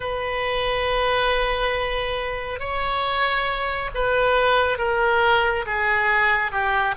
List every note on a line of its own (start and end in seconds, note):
0.00 2.59 B4
2.59 3.90 C#5
3.94 4.78 B4
4.78 5.65 A#4
5.66 6.51 G#4
6.51 6.94 G4